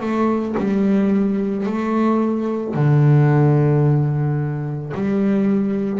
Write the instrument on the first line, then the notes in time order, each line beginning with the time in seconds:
double bass
0.00 A3
0.57 G3
1.66 A3
2.74 D3
4.94 G3